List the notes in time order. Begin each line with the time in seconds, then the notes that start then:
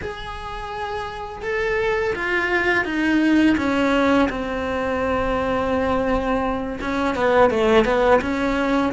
0.01 G#4
1.42 A4
2.15 F4
2.84 D#4
3.57 C#4
4.29 C4
6.80 C#4
7.15 B3
7.50 A3
7.84 B3
8.21 C#4